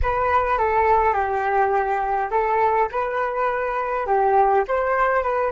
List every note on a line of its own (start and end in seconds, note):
0.02 0.58 B4
0.58 1.13 A4
1.13 2.29 G4
2.31 2.89 A4
2.91 4.06 B4
4.06 4.64 G4
4.68 5.23 C5
5.23 5.52 B4